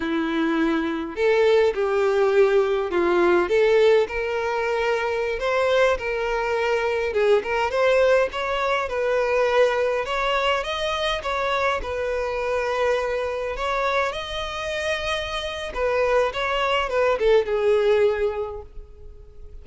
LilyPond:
\new Staff \with { instrumentName = "violin" } { \time 4/4 \tempo 4 = 103 e'2 a'4 g'4~ | g'4 f'4 a'4 ais'4~ | ais'4~ ais'16 c''4 ais'4.~ ais'16~ | ais'16 gis'8 ais'8 c''4 cis''4 b'8.~ |
b'4~ b'16 cis''4 dis''4 cis''8.~ | cis''16 b'2. cis''8.~ | cis''16 dis''2~ dis''8. b'4 | cis''4 b'8 a'8 gis'2 | }